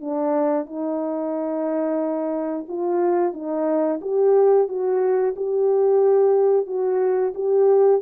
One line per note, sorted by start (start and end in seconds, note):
0.00 0.65 D4
0.65 2.65 D#4
2.68 3.33 F4
3.33 4.00 D#4
4.01 4.68 G4
4.68 5.34 F#4
5.35 6.66 G4
6.66 7.33 F#4
7.34 8.01 G4